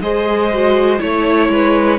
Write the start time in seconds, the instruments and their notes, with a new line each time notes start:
0.00 cello G#3, viola G#4, violin C5 D#5
0.53 viola F#4
0.99 cello A3, viola E4, violin C#5
1.49 cello G#3, violin B4